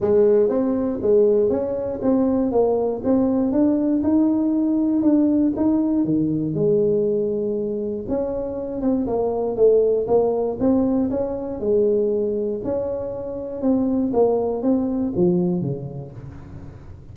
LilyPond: \new Staff \with { instrumentName = "tuba" } { \time 4/4 \tempo 4 = 119 gis4 c'4 gis4 cis'4 | c'4 ais4 c'4 d'4 | dis'2 d'4 dis'4 | dis4 gis2. |
cis'4. c'8 ais4 a4 | ais4 c'4 cis'4 gis4~ | gis4 cis'2 c'4 | ais4 c'4 f4 cis4 | }